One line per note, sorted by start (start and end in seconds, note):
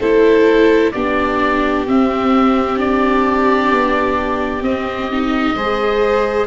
0.00 0.93 A3
0.00 0.93 E4
0.00 0.92 A4
0.00 0.92 C5
0.92 1.87 B3
0.92 1.87 D4
0.92 5.55 G4
0.92 1.84 D5
1.87 3.72 C4
1.87 2.76 C4
1.87 2.79 E5
2.76 4.61 D4
2.76 4.63 D5
3.72 4.61 B3
4.61 5.53 C4
4.61 5.11 C4
4.61 6.47 D#5
5.12 5.57 D#4
5.55 6.47 G#3
5.55 6.47 G#4
5.55 6.47 C5